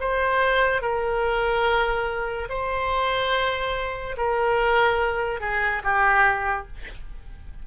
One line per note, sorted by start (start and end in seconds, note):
0.00 0.81 C5
0.81 2.48 A#4
2.49 4.16 C5
4.17 5.40 A#4
5.40 5.82 G#4
5.83 6.67 G4